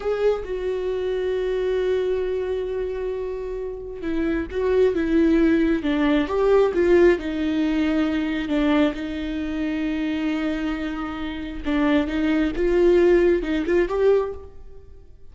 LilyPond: \new Staff \with { instrumentName = "viola" } { \time 4/4 \tempo 4 = 134 gis'4 fis'2.~ | fis'1~ | fis'4 e'4 fis'4 e'4~ | e'4 d'4 g'4 f'4 |
dis'2. d'4 | dis'1~ | dis'2 d'4 dis'4 | f'2 dis'8 f'8 g'4 | }